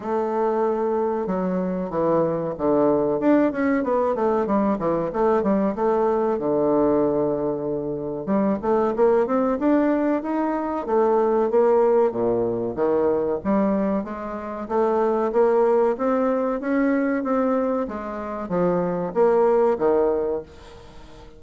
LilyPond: \new Staff \with { instrumentName = "bassoon" } { \time 4/4 \tempo 4 = 94 a2 fis4 e4 | d4 d'8 cis'8 b8 a8 g8 e8 | a8 g8 a4 d2~ | d4 g8 a8 ais8 c'8 d'4 |
dis'4 a4 ais4 ais,4 | dis4 g4 gis4 a4 | ais4 c'4 cis'4 c'4 | gis4 f4 ais4 dis4 | }